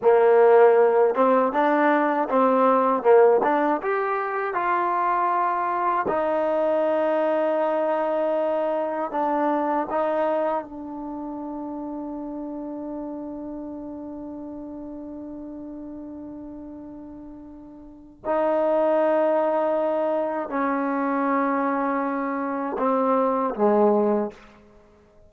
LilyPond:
\new Staff \with { instrumentName = "trombone" } { \time 4/4 \tempo 4 = 79 ais4. c'8 d'4 c'4 | ais8 d'8 g'4 f'2 | dis'1 | d'4 dis'4 d'2~ |
d'1~ | d'1 | dis'2. cis'4~ | cis'2 c'4 gis4 | }